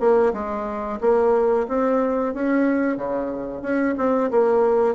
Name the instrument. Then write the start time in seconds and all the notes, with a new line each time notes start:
bassoon
0.00 A#3
0.33 G#3
1.01 A#3
1.68 C4
2.34 C#4
2.97 C#3
3.62 C#4
3.98 C4
4.31 A#3